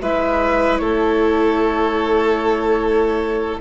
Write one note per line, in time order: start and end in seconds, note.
0.00 0.80 G#3
0.00 3.61 E4
0.00 0.80 B4
0.00 0.78 E5
0.78 3.60 A3
0.78 3.60 A4
0.78 3.58 C#5